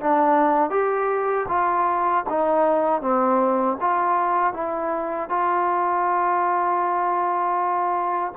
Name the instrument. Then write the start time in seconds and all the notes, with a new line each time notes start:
trombone
0.00 D4
0.70 G4
1.48 F4
2.29 D#4
3.01 C4
3.81 F4
4.54 E4
5.29 F4